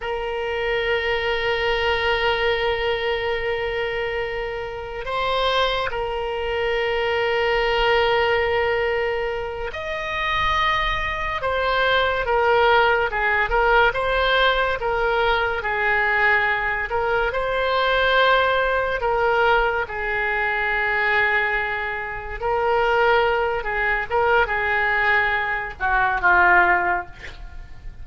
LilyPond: \new Staff \with { instrumentName = "oboe" } { \time 4/4 \tempo 4 = 71 ais'1~ | ais'2 c''4 ais'4~ | ais'2.~ ais'8 dis''8~ | dis''4. c''4 ais'4 gis'8 |
ais'8 c''4 ais'4 gis'4. | ais'8 c''2 ais'4 gis'8~ | gis'2~ gis'8 ais'4. | gis'8 ais'8 gis'4. fis'8 f'4 | }